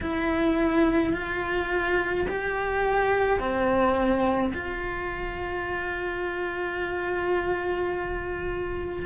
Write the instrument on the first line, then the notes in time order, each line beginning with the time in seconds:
cello
0.00 E4
1.13 F4
2.28 G4
3.39 C4
4.54 F4